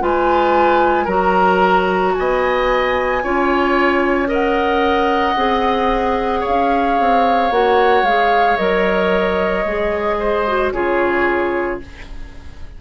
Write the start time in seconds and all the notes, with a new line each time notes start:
0.00 G#3 F4 B4 G#5
1.05 F#3 F#4 A#4 A#5
2.15 B3 D#5 G#5
3.23 C#4 F4 C#5
4.27 A#4 D#5 F#5
5.36 C4 G#4
6.40 C#5 F5
6.48 C#4
7.00 C4
7.51 A#3 F#4 F#5
8.03 G#3 G#4 F5
8.57 F#3 A#4 D#5
9.65 G#3 G#4
10.20 C5
10.47 F#4
10.72 C#3 F4 G#4 C#5